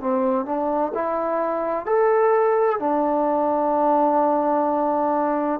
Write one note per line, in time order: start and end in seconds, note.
0.00 0.45 C4
0.45 0.92 D4
0.94 1.85 E4
1.85 2.79 A4
2.79 5.60 D4